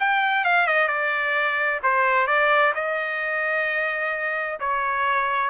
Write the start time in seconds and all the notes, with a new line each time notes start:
0.00 G5
0.45 F5
0.67 D#5
0.88 D5
1.83 C5
2.27 D5
2.75 D#5
4.60 C#5